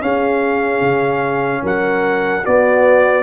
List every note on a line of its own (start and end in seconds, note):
0.00 2.43 C#4
0.00 0.81 C#4
0.00 1.62 G#4
0.00 1.64 F5
0.81 1.62 C#3
1.62 2.44 F#3
1.62 2.43 A#4
1.62 2.46 F#5
2.43 3.23 B3
2.43 3.23 F#4
2.43 3.23 D5